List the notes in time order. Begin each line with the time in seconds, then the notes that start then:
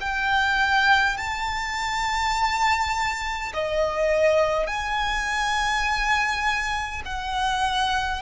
0.00 G5
1.17 A5
3.53 D#5
4.66 G#5
7.05 F#5